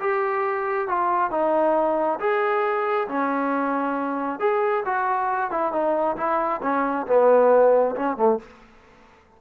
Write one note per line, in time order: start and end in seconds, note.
0.00 0.88 G4
0.88 1.31 F4
1.31 2.19 D#4
2.19 3.08 G#4
3.08 4.40 C#4
4.40 4.84 G#4
4.85 5.51 F#4
5.51 5.73 E4
5.73 6.17 D#4
6.17 6.61 E4
6.62 7.06 C#4
7.07 7.95 B3
7.96 8.17 C#4
8.17 8.39 A3